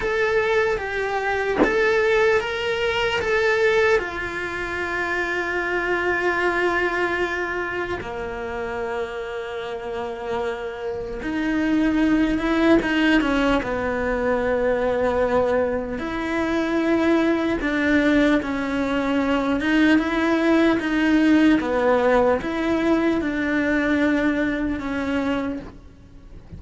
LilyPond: \new Staff \with { instrumentName = "cello" } { \time 4/4 \tempo 4 = 75 a'4 g'4 a'4 ais'4 | a'4 f'2.~ | f'2 ais2~ | ais2 dis'4. e'8 |
dis'8 cis'8 b2. | e'2 d'4 cis'4~ | cis'8 dis'8 e'4 dis'4 b4 | e'4 d'2 cis'4 | }